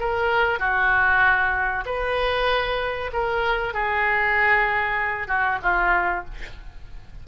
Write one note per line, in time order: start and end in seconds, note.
0.00 0.60 A#4
0.60 1.85 F#4
1.86 3.11 B4
3.13 3.74 A#4
3.74 5.28 G#4
5.28 5.59 F#4
5.62 6.25 F4